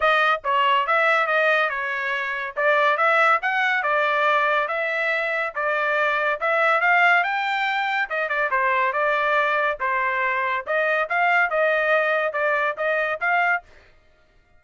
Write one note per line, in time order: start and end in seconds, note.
0.00 0.41 D#5
0.44 0.86 C#5
0.86 1.27 E5
1.27 1.69 D#5
1.69 2.54 C#5
2.56 2.97 D5
2.97 3.39 E5
3.42 3.82 F#5
3.82 4.68 D5
4.68 5.53 E5
5.55 6.40 D5
6.40 6.80 E5
6.80 7.23 F5
7.23 8.09 G5
8.09 8.28 D#5
8.28 8.50 D5
8.50 8.93 C5
8.93 9.78 D5
9.80 10.65 C5
10.66 11.09 D#5
11.09 11.50 F5
11.50 12.32 D#5
12.32 12.75 D5
12.77 13.19 D#5
13.20 13.63 F5